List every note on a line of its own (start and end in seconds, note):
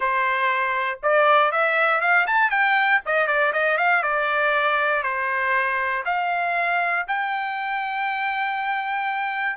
0.00 0.99 C5
1.02 1.51 D5
1.51 2.00 E5
2.00 2.26 F5
2.27 2.50 A5
2.50 3.00 G5
3.05 3.27 D#5
3.27 3.52 D5
3.52 3.77 D#5
3.77 4.02 F5
4.02 5.02 D5
5.02 6.03 C5
6.05 7.06 F5
7.07 9.56 G5